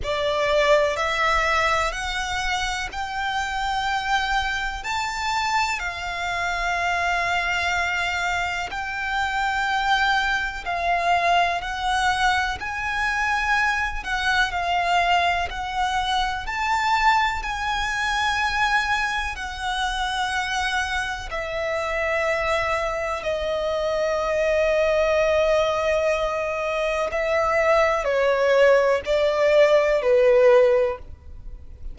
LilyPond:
\new Staff \with { instrumentName = "violin" } { \time 4/4 \tempo 4 = 62 d''4 e''4 fis''4 g''4~ | g''4 a''4 f''2~ | f''4 g''2 f''4 | fis''4 gis''4. fis''8 f''4 |
fis''4 a''4 gis''2 | fis''2 e''2 | dis''1 | e''4 cis''4 d''4 b'4 | }